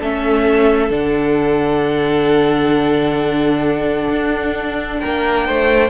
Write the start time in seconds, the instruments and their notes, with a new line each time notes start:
0.00 cello A3, viola C#4, violin A4 E5
0.89 cello D3, viola D4, violin F#5
4.09 cello D4
5.00 cello A#3, violin A#4 G5
5.46 cello A3, violin C5